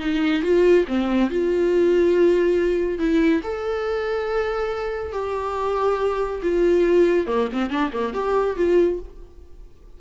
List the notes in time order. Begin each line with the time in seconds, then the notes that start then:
0.00 D#4
0.43 F4
0.88 C4
1.31 F4
2.99 E4
3.43 A4
5.13 G4
6.43 F4
7.27 A#3
7.53 C4
7.70 D4
7.93 A#3
8.14 G4
8.57 F4